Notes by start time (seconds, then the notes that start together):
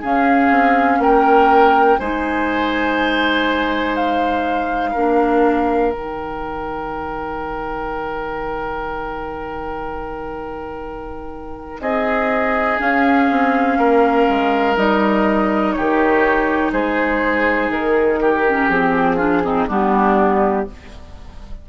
0.00 C#4 G#4 F5
0.50 C4
0.98 A#3 A#4 G5
1.99 G#3 D#4 C5 G#5
3.95 F5
4.91 A#3 D4 A#4
5.92 D#3 D#4 G5
11.80 C4 G#4 D#5
12.78 C#4 F5
13.31 C4
13.78 A#3 A#4
14.29 G#3
14.76 G3 D#4 D#5
15.73 D#3 G4 C#5
16.73 G#3 G#4 C5
17.69 D#3 A#4
18.21 G4
18.49 C#4
18.69 F3 C4 G#4
19.17 D4 F4
19.44 C4 D#4
19.68 G3 B3 D4 G4